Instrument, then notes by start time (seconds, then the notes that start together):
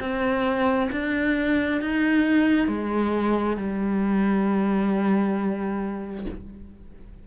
cello
0.00 C4
0.92 D4
1.81 D#4
2.67 G#3
3.57 G3